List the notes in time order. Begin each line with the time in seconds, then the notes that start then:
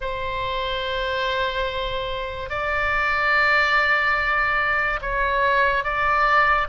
0.00 C5
2.49 D5
5.01 C#5
5.84 D5